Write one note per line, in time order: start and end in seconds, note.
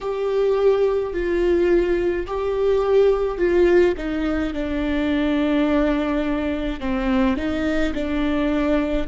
0.01 1.13 G4
1.13 2.26 F4
2.26 3.38 G4
3.38 3.94 F4
3.97 4.53 D#4
4.53 6.80 D4
6.80 7.36 C4
7.36 7.93 D#4
7.93 9.07 D4